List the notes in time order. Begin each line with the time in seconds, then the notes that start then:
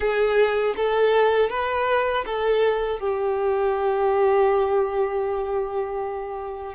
0.00 G#4
0.76 A4
1.49 B4
2.25 A4
2.99 G4